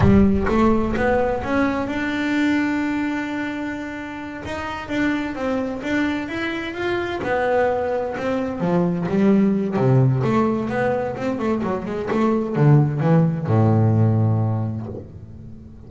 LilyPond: \new Staff \with { instrumentName = "double bass" } { \time 4/4 \tempo 4 = 129 g4 a4 b4 cis'4 | d'1~ | d'4. dis'4 d'4 c'8~ | c'8 d'4 e'4 f'4 b8~ |
b4. c'4 f4 g8~ | g4 c4 a4 b4 | c'8 a8 fis8 gis8 a4 d4 | e4 a,2. | }